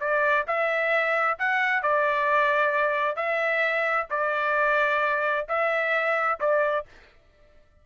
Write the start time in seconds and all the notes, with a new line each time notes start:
0.00 D5
0.47 E5
1.39 F#5
1.83 D5
3.16 E5
4.10 D5
5.49 E5
6.40 D5